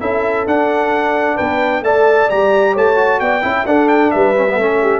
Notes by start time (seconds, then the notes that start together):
0.00 C#4 E4 A4 E5
0.46 D4 F#5
1.36 B3 B4 G5
1.81 A3 A4 D5 A5
2.29 G3 G4 A#5
2.73 A3 C#5 A5
2.95 F#4
3.20 B3 D5 G5
3.42 C#4 E4 E5
3.65 D4 A4 F#5
3.88 G5
4.11 G3 B4 E5
4.35 C#4
4.48 B3
4.55 A3 C#4 A4
4.81 G4